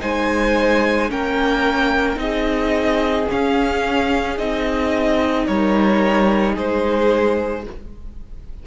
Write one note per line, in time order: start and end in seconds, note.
0.00 1.11 G#3
0.00 1.09 D#4
0.00 1.11 C5
0.00 1.11 G#5
1.09 2.17 A#3
1.09 2.16 C#4
1.09 2.20 A#4
1.09 2.19 G5
2.16 3.26 C4
2.16 3.25 D#4
2.16 5.47 G#4
2.16 3.28 D#5
3.29 4.38 C#4
3.29 4.39 C#4
3.29 4.38 F5
4.38 5.48 C4
4.38 7.65 D#4
4.38 5.47 D#5
5.47 6.57 G3
5.47 6.54 A#4
5.47 6.56 C#5
6.54 7.67 G#3
6.54 7.63 G#4
6.54 7.66 C5